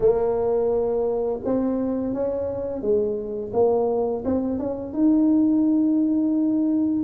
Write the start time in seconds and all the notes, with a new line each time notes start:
0.00 A#3
1.44 C4
2.13 C#4
2.81 G#3
3.53 A#3
4.24 C4
4.59 C#4
4.93 D#4